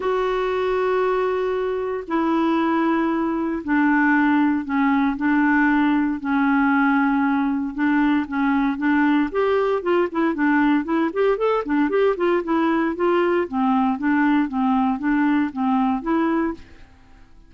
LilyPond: \new Staff \with { instrumentName = "clarinet" } { \time 4/4 \tempo 4 = 116 fis'1 | e'2. d'4~ | d'4 cis'4 d'2 | cis'2. d'4 |
cis'4 d'4 g'4 f'8 e'8 | d'4 e'8 g'8 a'8 d'8 g'8 f'8 | e'4 f'4 c'4 d'4 | c'4 d'4 c'4 e'4 | }